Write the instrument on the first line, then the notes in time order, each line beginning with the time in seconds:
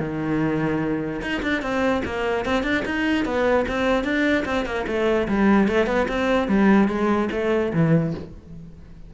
cello
0.00 D#3
1.22 D#4
1.43 D4
1.62 C4
2.05 A#3
2.45 C4
2.64 D4
2.86 D#4
3.25 B3
3.68 C4
4.04 D4
4.45 C4
4.66 A#3
4.87 A3
5.28 G3
5.68 A3
5.87 B3
6.09 C4
6.48 G3
6.88 G#3
7.32 A3
7.74 E3